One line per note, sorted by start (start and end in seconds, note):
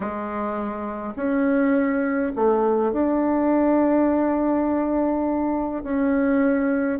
0.00 1.14 G#3
1.15 2.32 C#4
2.35 2.92 A3
2.92 5.83 D4
5.83 6.99 C#4